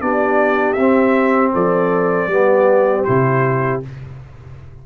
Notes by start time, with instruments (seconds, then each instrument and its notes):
0.00 tuba B3, trombone D4, horn G4, trumpet D5
0.73 tuba C4, trumpet E5
0.79 trombone C4
1.53 tuba F3, horn A4, trumpet D5
2.27 tuba G3, trombone B3
2.34 horn G4
3.03 tuba C3, trombone E4, trumpet C5